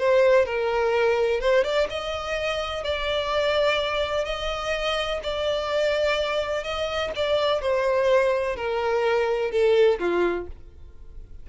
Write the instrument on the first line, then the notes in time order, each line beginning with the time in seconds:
violin
0.00 C5
0.46 A#4
1.41 C5
1.65 D5
1.90 D#5
2.84 D5
4.26 D#5
5.24 D5
6.64 D#5
7.16 D5
7.62 C5
8.56 A#4
9.52 A4
10.00 F4